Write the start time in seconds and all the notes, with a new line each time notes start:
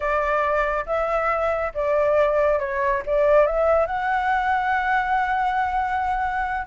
0.00 D5
0.86 E5
1.74 D5
2.59 C#5
3.05 D5
3.46 E5
3.86 F#5